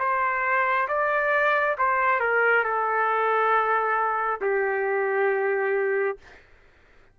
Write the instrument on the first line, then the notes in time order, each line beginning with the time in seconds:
trumpet
0.00 C5
0.89 D5
1.78 C5
2.21 A#4
2.65 A4
4.42 G4